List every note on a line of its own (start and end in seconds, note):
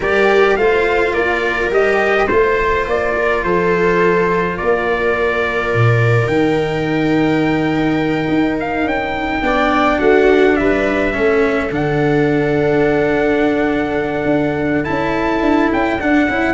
0.00 0.56 G3
0.00 0.58 G4
0.00 0.57 A#4
0.00 0.56 D5
0.56 1.13 A3
0.56 1.70 F4
0.56 1.13 C5
0.56 1.13 F5
1.13 1.70 A#3
1.13 2.27 A#4
1.13 1.70 D5
1.70 2.28 G3
1.70 2.28 G4
1.70 2.27 D#5
2.27 2.86 A3
2.27 6.29 F4
2.27 3.12 C5
2.27 2.84 C5
2.86 3.43 A#3
2.86 3.43 D5
3.16 3.44 A#4
3.43 4.58 F3
3.43 4.56 A4
3.43 4.57 C5
4.56 5.74 A#3
4.56 9.42 A#4
4.56 6.27 D5
5.74 6.27 A#2
6.27 8.27 D#3
6.27 9.42 D#4
6.27 8.56 G5
8.28 8.83 D#4
8.59 8.88 F5
8.83 9.40 C#4
8.83 9.99 G5
9.42 9.99 B3
9.42 11.12 D4
9.42 9.98 D5
9.98 10.57 A3
9.98 10.55 F#4
9.98 10.56 F#5
10.56 11.16 G3
10.56 11.15 B4
10.56 11.70 E5
11.12 11.70 A3
11.12 11.70 C#4
11.12 16.54 A4
11.70 14.25 D3
11.70 14.84 D4
11.70 14.84 F#5
14.25 14.82 D4
14.84 15.40 C#4
14.84 15.98 E4
14.84 15.70 A5
15.40 15.69 D4
15.72 15.99 C#4
15.72 16.00 G5
15.99 16.28 D4
15.99 16.29 D4
15.99 16.54 F#5
16.28 16.54 C#4
16.28 16.54 E4